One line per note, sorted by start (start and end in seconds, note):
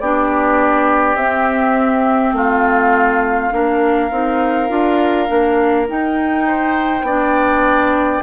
0.00 1.15 B3
0.00 1.17 D4
0.00 2.36 G4
0.00 1.16 D5
1.15 2.33 C4
1.15 3.52 C4
1.15 2.34 E5
2.33 3.50 A3
2.33 3.54 F4
2.33 5.88 F5
3.52 4.12 A#3
3.52 4.11 D4
3.52 6.47 A#4
4.11 4.70 C4
4.11 4.69 D#4
4.69 5.29 D4
4.69 5.28 F4
5.28 5.89 A#3
5.28 5.87 D4
5.89 7.06 D#4
5.89 7.03 D#4
5.89 8.23 G5
6.47 7.06 C5
7.03 8.21 B3
7.03 8.23 D4
7.03 8.23 D5